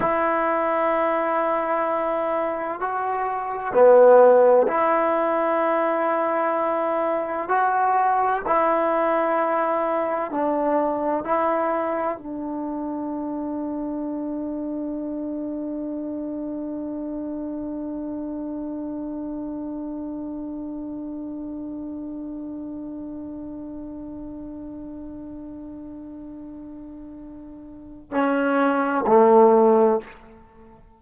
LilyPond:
\new Staff \with { instrumentName = "trombone" } { \time 4/4 \tempo 4 = 64 e'2. fis'4 | b4 e'2. | fis'4 e'2 d'4 | e'4 d'2.~ |
d'1~ | d'1~ | d'1~ | d'2 cis'4 a4 | }